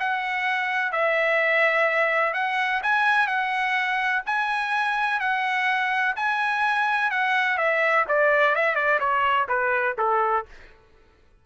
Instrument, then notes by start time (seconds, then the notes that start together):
trumpet
0.00 F#5
0.92 E5
2.34 F#5
2.83 G#5
3.27 F#5
4.26 G#5
5.20 F#5
6.16 G#5
7.11 F#5
7.58 E5
8.09 D5
8.55 E5
8.76 D5
9.00 C#5
9.49 B4
9.98 A4